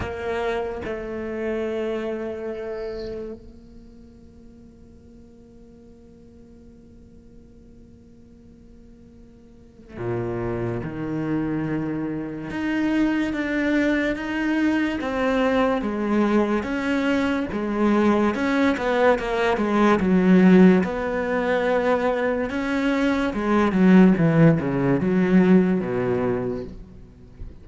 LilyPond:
\new Staff \with { instrumentName = "cello" } { \time 4/4 \tempo 4 = 72 ais4 a2. | ais1~ | ais1 | ais,4 dis2 dis'4 |
d'4 dis'4 c'4 gis4 | cis'4 gis4 cis'8 b8 ais8 gis8 | fis4 b2 cis'4 | gis8 fis8 e8 cis8 fis4 b,4 | }